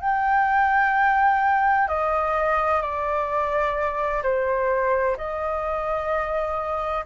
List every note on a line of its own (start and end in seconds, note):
0.00 1.87 G5
1.87 2.81 D#5
2.81 4.22 D5
4.22 5.16 C5
5.17 7.04 D#5